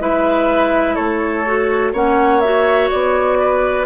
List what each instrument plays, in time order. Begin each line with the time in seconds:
0.00 bassoon G#3, clarinet E4, oboe B4, flute E5
0.95 bassoon A3, oboe A4, flute C#5
1.46 clarinet F#4
1.93 bassoon A#3, clarinet C#4, oboe C#5, flute F#5
2.41 clarinet F#4, flute E5
2.90 bassoon B3, flute D5
3.40 oboe B4